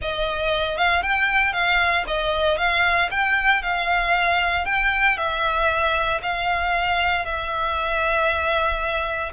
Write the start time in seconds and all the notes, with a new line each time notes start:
0.01 D#5
0.77 F5
1.02 G5
1.52 F5
2.07 D#5
2.57 F5
3.10 G5
3.62 F5
4.65 G5
5.17 E5
6.22 F5
7.25 E5